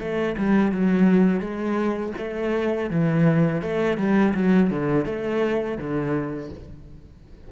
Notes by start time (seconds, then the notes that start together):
0.00 A3
0.37 G3
0.72 F#3
1.41 G#3
2.18 A3
2.90 E3
3.62 A3
3.98 G3
4.34 F#3
4.71 D3
5.06 A3
5.78 D3